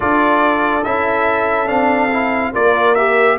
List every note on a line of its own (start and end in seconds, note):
0.00 0.85 D4
0.00 0.82 F4
0.00 2.51 A4
0.00 0.84 D5
0.84 1.69 C#4
0.84 1.66 E4
0.84 1.67 E5
1.66 2.53 C4
1.66 2.08 D4
1.66 2.52 F5
2.12 2.53 E4
2.52 3.38 A#3
2.52 2.95 F4
2.52 3.37 A#4
2.52 2.94 D5
2.94 3.38 G4
2.94 3.37 E5